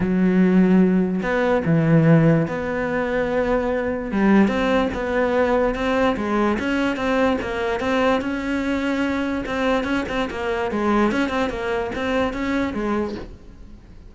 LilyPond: \new Staff \with { instrumentName = "cello" } { \time 4/4 \tempo 4 = 146 fis2. b4 | e2 b2~ | b2 g4 c'4 | b2 c'4 gis4 |
cis'4 c'4 ais4 c'4 | cis'2. c'4 | cis'8 c'8 ais4 gis4 cis'8 c'8 | ais4 c'4 cis'4 gis4 | }